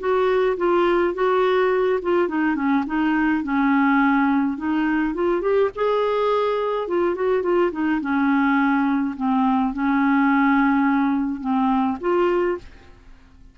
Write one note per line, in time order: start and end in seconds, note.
0.00 0.57 F#4
0.58 1.15 F4
1.15 2.00 F#4
2.03 2.29 F4
2.29 2.56 D#4
2.56 2.85 C#4
2.87 3.44 D#4
3.44 4.58 C#4
4.58 5.15 D#4
5.15 5.42 F4
5.42 5.70 G4
5.76 6.88 G#4
6.88 7.16 F4
7.16 7.43 F#4
7.43 7.71 F4
7.72 8.01 D#4
8.01 9.16 C#4
9.17 9.74 C4
9.74 11.41 C#4
11.41 11.98 C4
12.01 12.58 F4